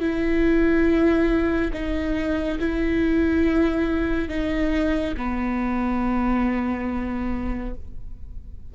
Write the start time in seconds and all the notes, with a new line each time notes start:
0.00 E4
1.73 D#4
2.60 E4
4.29 D#4
5.17 B3